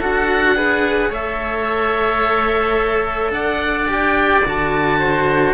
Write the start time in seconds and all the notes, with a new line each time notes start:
0.00 D4 F#4 A4 F#5
0.56 G#4 B4
1.09 A3 A4 C#5 E5
3.31 D4 D5 F#5
3.88 G4 G5
4.45 D3 F#4 A5
4.99 C5